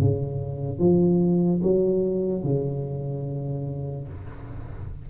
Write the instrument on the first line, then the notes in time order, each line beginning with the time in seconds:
tuba
0.00 C#3
0.79 F3
1.63 F#3
2.44 C#3